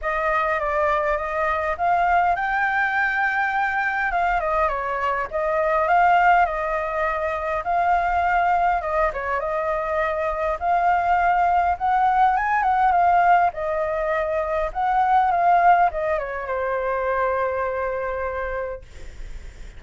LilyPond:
\new Staff \with { instrumentName = "flute" } { \time 4/4 \tempo 4 = 102 dis''4 d''4 dis''4 f''4 | g''2. f''8 dis''8 | cis''4 dis''4 f''4 dis''4~ | dis''4 f''2 dis''8 cis''8 |
dis''2 f''2 | fis''4 gis''8 fis''8 f''4 dis''4~ | dis''4 fis''4 f''4 dis''8 cis''8 | c''1 | }